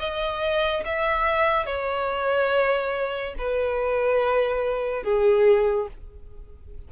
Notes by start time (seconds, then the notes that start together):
0.00 D#5
0.85 E5
1.66 C#5
3.39 B4
5.04 G#4